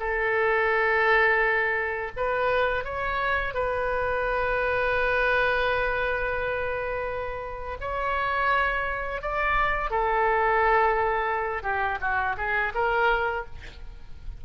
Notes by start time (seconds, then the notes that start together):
0.00 A4
2.17 B4
2.85 C#5
3.54 B4
7.81 C#5
9.22 D5
9.91 A4
11.63 G4
12.01 F#4
12.38 G#4
12.75 A#4